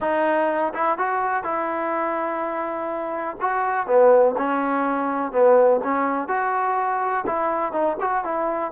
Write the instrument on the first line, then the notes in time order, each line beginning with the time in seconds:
trombone
0.00 D#4
0.74 E4
0.98 F#4
1.43 E4
3.40 F#4
3.87 B3
4.37 C#4
5.32 B3
5.83 C#4
6.28 F#4
7.26 E4
7.72 D#4
8.00 F#4
8.24 E4